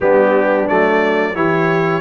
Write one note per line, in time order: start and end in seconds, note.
0.00 0.68 G3
0.00 0.68 B3
0.00 1.34 D4
0.00 0.68 G4
0.68 1.35 F#3
0.68 1.35 A3
0.68 1.35 D5
1.34 2.01 E3
1.34 2.01 E4
1.34 2.01 G4
1.34 2.01 C#5